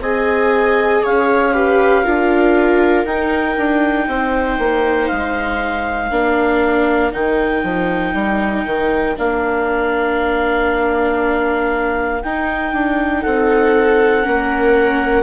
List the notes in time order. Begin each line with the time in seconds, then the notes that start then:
0.00 C4 G#4 D#5 G#5
1.03 C#4 C#5 F5
1.53 G4 B4
2.03 D4 F4 A#4
3.05 D#4 G5
3.57 D4
4.08 C4 C5
4.59 A#3
5.08 G#3 F5
6.11 A#3 D4 A#4
7.12 D#3 D#4 G5
7.63 F3
8.14 G3
8.66 D#3
9.16 A#3 D4 F5
12.22 D#4 G5
12.73 D4
13.22 C4 A4 F#5
14.23 A#3 C#4 A#4